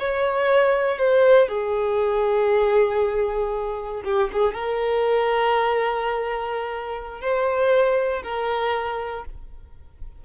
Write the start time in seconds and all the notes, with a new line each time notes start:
0.00 C#5
0.99 C5
1.49 G#4
4.05 G4
4.33 G#4
4.54 A#4
7.21 C5
8.23 A#4